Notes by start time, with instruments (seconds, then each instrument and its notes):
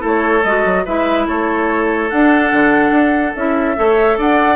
0.00 bassoon A3, clarinet E4, oboe A4
0.07 flute C#5
0.44 bassoon G#3, clarinet F#4, flute D#5
0.66 bassoon F#3
0.86 bassoon G#3, clarinet E4, oboe B4, flute E5
1.28 bassoon A3, oboe A4, flute C#5
2.10 bassoon D4, clarinet D4, flute F#5
2.53 bassoon D3
2.91 bassoon D4
3.36 bassoon C#4, clarinet E4, flute E5
3.76 bassoon A3, clarinet A4, oboe C#5
4.18 bassoon D4, oboe D5, flute F#5